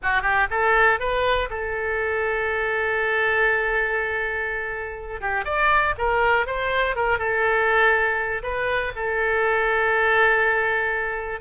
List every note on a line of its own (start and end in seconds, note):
0.02 0.22 F#4
0.22 0.46 G4
0.50 0.99 A4
0.99 1.49 B4
1.49 5.20 A4
5.20 5.44 G4
5.44 5.94 D5
5.98 6.46 A#4
6.46 6.95 C5
6.95 7.18 A#4
7.18 8.42 A4
8.43 8.92 B4
8.95 11.40 A4